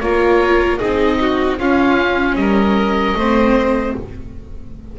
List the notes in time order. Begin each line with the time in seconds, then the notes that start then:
0.00 A#3 F4 A#4 C#5
0.78 C4 D#4 G#4 D#5
1.22 F#4
1.59 C#4 F4 F5
2.35 G3 A#4 D#5
3.15 A3 C4 C5